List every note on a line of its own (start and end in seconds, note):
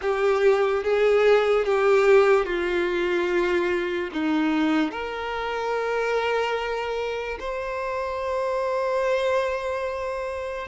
0.01 0.83 G4
0.83 1.65 G#4
1.65 2.45 G4
2.45 4.09 F4
4.12 4.91 D#4
4.91 7.37 A#4
7.39 10.67 C5